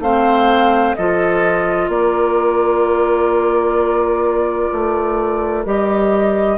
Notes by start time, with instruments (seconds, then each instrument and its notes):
0.00 bassoon A3, clarinet C4, oboe C5, flute F5
0.96 bassoon F3, clarinet F4, oboe A4, flute D#5
1.88 bassoon A#3, oboe A#4, flute D5
4.73 bassoon A3
5.66 bassoon G3, clarinet G4, flute D#5